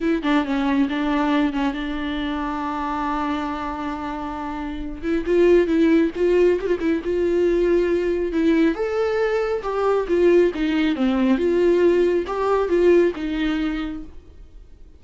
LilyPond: \new Staff \with { instrumentName = "viola" } { \time 4/4 \tempo 4 = 137 e'8 d'8 cis'4 d'4. cis'8 | d'1~ | d'2.~ d'8 e'8 | f'4 e'4 f'4 g'16 f'16 e'8 |
f'2. e'4 | a'2 g'4 f'4 | dis'4 c'4 f'2 | g'4 f'4 dis'2 | }